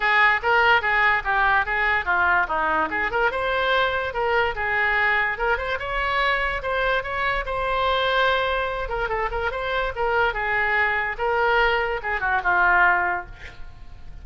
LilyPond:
\new Staff \with { instrumentName = "oboe" } { \time 4/4 \tempo 4 = 145 gis'4 ais'4 gis'4 g'4 | gis'4 f'4 dis'4 gis'8 ais'8 | c''2 ais'4 gis'4~ | gis'4 ais'8 c''8 cis''2 |
c''4 cis''4 c''2~ | c''4. ais'8 a'8 ais'8 c''4 | ais'4 gis'2 ais'4~ | ais'4 gis'8 fis'8 f'2 | }